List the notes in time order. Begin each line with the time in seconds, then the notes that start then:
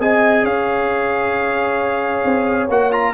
0.00 C4 G#4 D#5 G#5
0.44 C#4 C#5 F5
2.25 C4
2.69 A#3 F#4 F#5
2.92 F4 A#5